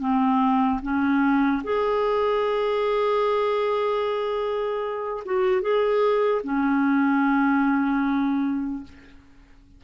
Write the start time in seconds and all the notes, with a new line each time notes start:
0.00 C4
0.82 C#4
1.63 G#4
5.25 F#4
5.61 G#4
6.43 C#4